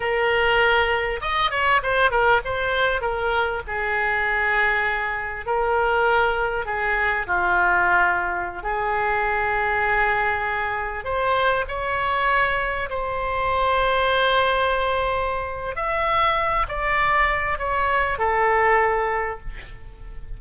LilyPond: \new Staff \with { instrumentName = "oboe" } { \time 4/4 \tempo 4 = 99 ais'2 dis''8 cis''8 c''8 ais'8 | c''4 ais'4 gis'2~ | gis'4 ais'2 gis'4 | f'2~ f'16 gis'4.~ gis'16~ |
gis'2~ gis'16 c''4 cis''8.~ | cis''4~ cis''16 c''2~ c''8.~ | c''2 e''4. d''8~ | d''4 cis''4 a'2 | }